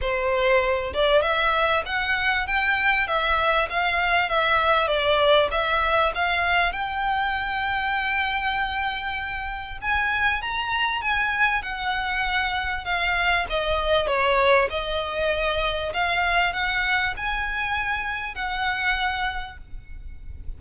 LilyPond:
\new Staff \with { instrumentName = "violin" } { \time 4/4 \tempo 4 = 98 c''4. d''8 e''4 fis''4 | g''4 e''4 f''4 e''4 | d''4 e''4 f''4 g''4~ | g''1 |
gis''4 ais''4 gis''4 fis''4~ | fis''4 f''4 dis''4 cis''4 | dis''2 f''4 fis''4 | gis''2 fis''2 | }